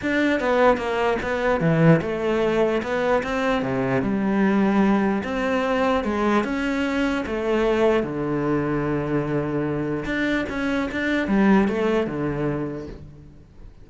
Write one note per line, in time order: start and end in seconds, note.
0.01 0.40 D4
0.40 0.77 B3
0.77 1.17 A#3
1.22 1.60 B3
1.60 2.00 E3
2.01 2.82 A3
2.82 3.23 B3
3.23 3.62 C4
3.62 4.02 C3
4.02 5.23 G3
5.23 6.03 C4
6.03 6.44 G#3
6.44 7.24 C#4
7.26 8.03 A3
8.03 10.04 D3
10.05 10.45 D4
10.49 10.89 C#4
10.91 11.27 D4
11.27 11.67 G3
11.68 12.06 A3
12.06 12.87 D3